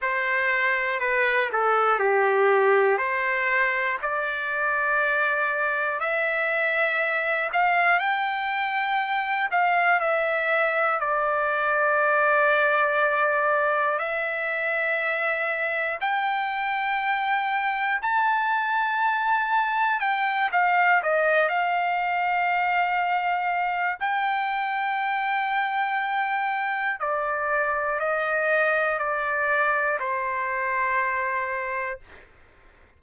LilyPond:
\new Staff \with { instrumentName = "trumpet" } { \time 4/4 \tempo 4 = 60 c''4 b'8 a'8 g'4 c''4 | d''2 e''4. f''8 | g''4. f''8 e''4 d''4~ | d''2 e''2 |
g''2 a''2 | g''8 f''8 dis''8 f''2~ f''8 | g''2. d''4 | dis''4 d''4 c''2 | }